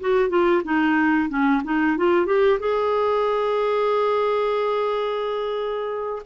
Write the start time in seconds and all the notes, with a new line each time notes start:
0.00 F#4
0.29 F4
0.64 D#4
1.29 C#4
1.64 D#4
1.97 F4
2.26 G4
2.60 G#4